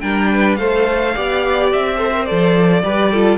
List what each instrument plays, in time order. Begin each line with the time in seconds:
0.00 cello G3, viola D4, violin A#4 G5
0.31 violin B4
0.56 cello A3, viola A4, violin C5 F5
1.14 cello B3, viola G4, violin D5
1.72 cello C4, violin E5
1.96 viola A4, violin C5
2.13 viola A#4
2.25 cello F3, viola A4, violin D5
2.83 cello G3, viola G4, violin B4
3.11 viola F4, violin A4